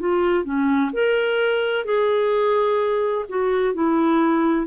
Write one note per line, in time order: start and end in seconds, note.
0.00 0.44 F4
0.44 0.91 C#4
0.93 1.85 A#4
1.85 3.26 G#4
3.29 3.75 F#4
3.75 4.67 E4